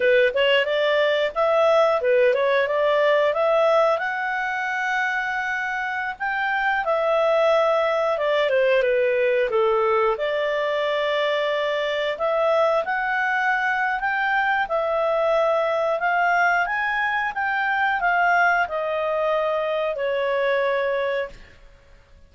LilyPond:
\new Staff \with { instrumentName = "clarinet" } { \time 4/4 \tempo 4 = 90 b'8 cis''8 d''4 e''4 b'8 cis''8 | d''4 e''4 fis''2~ | fis''4~ fis''16 g''4 e''4.~ e''16~ | e''16 d''8 c''8 b'4 a'4 d''8.~ |
d''2~ d''16 e''4 fis''8.~ | fis''4 g''4 e''2 | f''4 gis''4 g''4 f''4 | dis''2 cis''2 | }